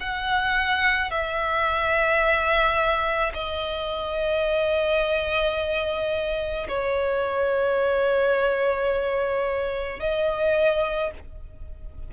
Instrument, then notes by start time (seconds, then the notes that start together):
violin
0.00 F#5
1.11 E5
3.34 D#5
6.69 C#5
10.00 D#5